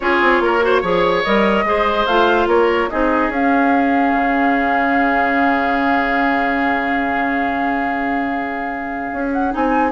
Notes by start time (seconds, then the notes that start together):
0.00 C#4 F4 G#4 C#5
0.21 C4
0.40 A#3 A#4
0.61 F#4 C5
0.81 F3 G#4 C#5
1.23 G3 A#4 D#5
1.64 G#3 G#4 C5
2.06 A3 F4 F5
2.46 A#3 A#4 C#5
2.89 C4 D#4 G#4 D#5
3.29 C#4 F5
4.13 C#3
9.12 C#4
9.32 F#5
9.51 C4 D#4 G#5